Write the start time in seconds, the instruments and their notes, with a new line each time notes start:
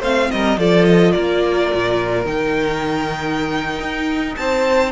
0.00 cello A3, viola C4, violin C5 F5
0.31 cello G3, violin A#4 D#5
0.58 cello F3, viola F4, violin A4 D5
0.85 violin D#5
1.12 cello A#3, violin A#4 D5
1.73 cello A#2
2.25 cello D#3, viola D#4, violin G5
3.80 cello D#4
4.36 cello C4, violin C5 A5